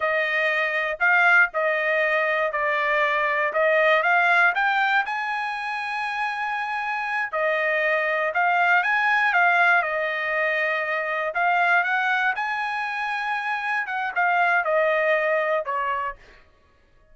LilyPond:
\new Staff \with { instrumentName = "trumpet" } { \time 4/4 \tempo 4 = 119 dis''2 f''4 dis''4~ | dis''4 d''2 dis''4 | f''4 g''4 gis''2~ | gis''2~ gis''8 dis''4.~ |
dis''8 f''4 gis''4 f''4 dis''8~ | dis''2~ dis''8 f''4 fis''8~ | fis''8 gis''2. fis''8 | f''4 dis''2 cis''4 | }